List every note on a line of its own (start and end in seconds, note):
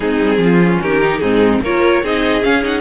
0.00 0.20 G#3
0.00 0.61 C4
0.00 0.39 D#4
0.00 0.79 G#4
0.21 0.37 G3
0.37 0.78 F3
0.37 0.82 F4
0.61 1.01 C#4
0.82 1.22 D#3
0.82 1.21 G4
0.82 1.19 A#4
1.01 1.22 D#4
1.19 1.61 G#2
1.19 1.62 C4
1.19 1.62 D#4
1.19 1.59 G#4
1.61 2.02 A#3
1.61 2.04 F4
1.61 2.02 A#4
1.61 2.05 C#5
2.02 2.43 C4
2.02 2.42 D#4
2.02 2.81 G#4
2.02 2.43 D#5
2.42 2.62 C#4
2.42 2.81 C#4
2.42 2.63 F5
2.62 2.81 D#4
2.62 2.81 F#5